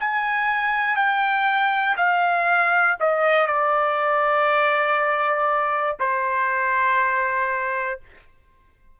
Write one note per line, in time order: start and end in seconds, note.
0.00 0.96 G#5
0.96 1.95 G5
1.97 2.97 F5
3.00 3.46 D#5
3.46 5.96 D5
6.00 8.00 C5